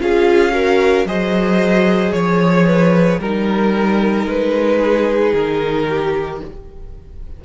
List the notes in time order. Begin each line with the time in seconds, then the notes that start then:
0.00 C#4 F4 G#4 F5
0.51 F#4 A#4
1.05 F#3 G#4 C5 D#5
2.12 F3 C#5
2.67 B4
3.19 G3 D#4 A#4
4.26 G#3 B4
4.79 G#4
5.34 D#3 A#4
5.89 G4